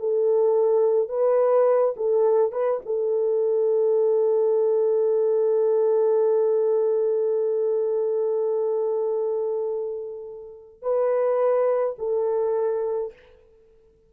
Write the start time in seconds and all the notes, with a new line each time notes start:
0.00 A4
1.09 B4
1.97 A4
2.52 B4
2.86 A4
10.82 B4
11.99 A4